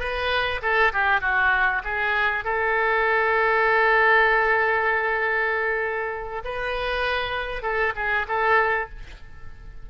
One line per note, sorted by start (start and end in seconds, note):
0.00 0.61 B4
0.62 0.93 A4
0.93 1.21 G4
1.21 1.83 F#4
1.84 2.45 G#4
2.45 6.43 A4
6.45 7.63 B4
7.63 7.94 A4
7.96 8.27 G#4
8.28 8.90 A4